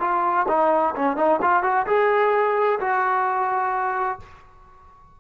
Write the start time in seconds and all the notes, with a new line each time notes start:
0.00 F4
0.48 D#4
0.96 C#4
1.17 D#4
1.42 F4
1.63 F#4
1.87 G#4
2.80 F#4